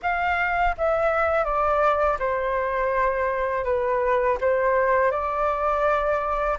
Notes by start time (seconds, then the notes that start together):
0.02 F5
0.77 E5
1.44 D5
2.19 C5
3.64 B4
4.41 C5
5.11 D5